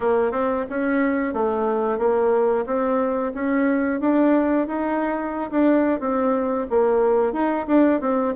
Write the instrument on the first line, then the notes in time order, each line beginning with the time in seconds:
bassoon
0.00 A#3
0.32 C4
0.69 C#4
1.33 A3
1.98 A#3
2.65 C4
3.34 C#4
4.00 D4
4.67 D#4
5.50 D4
6.00 C4
6.70 A#3
7.32 D#4
7.67 D4
8.01 C4